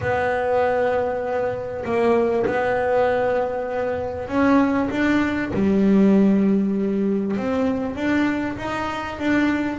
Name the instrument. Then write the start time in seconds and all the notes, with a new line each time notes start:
double bass
0.00 B3
1.85 A#3
2.46 B3
4.28 C#4
4.90 D4
5.53 G3
7.36 C4
7.95 D4
8.57 D#4
9.18 D4